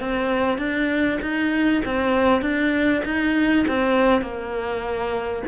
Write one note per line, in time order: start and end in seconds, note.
0.00 0.58 C4
0.58 1.19 D4
1.21 1.82 D#4
1.85 2.42 C4
2.42 3.02 D4
3.05 3.66 D#4
3.68 4.22 C4
4.22 5.43 A#3